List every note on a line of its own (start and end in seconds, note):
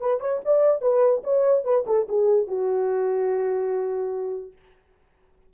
0.00 0.20 B4
0.20 0.41 C#5
0.45 0.81 D5
0.81 1.23 B4
1.24 1.64 C#5
1.64 1.85 B4
1.87 2.07 A4
2.09 2.47 G#4
2.47 4.53 F#4